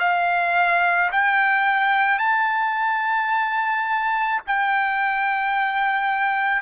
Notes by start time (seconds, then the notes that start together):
0.00 F5
1.13 G5
2.19 A5
4.47 G5